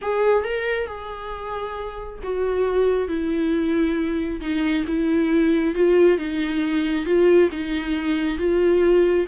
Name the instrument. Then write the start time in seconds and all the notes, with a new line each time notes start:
viola
0.01 G#4
0.44 A#4
0.86 G#4
2.23 F#4
3.08 E4
4.40 D#4
4.87 E4
5.74 F4
6.18 D#4
7.05 F4
7.51 D#4
8.38 F4